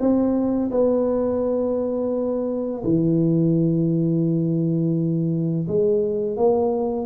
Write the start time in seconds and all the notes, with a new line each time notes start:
0.00 C4
0.71 B3
2.84 E3
5.68 G#3
6.37 A#3